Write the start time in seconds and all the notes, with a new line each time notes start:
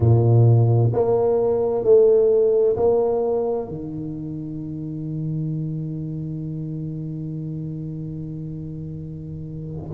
0.00 A#2
0.93 A#3
1.83 A3
2.76 A#3
3.68 D#3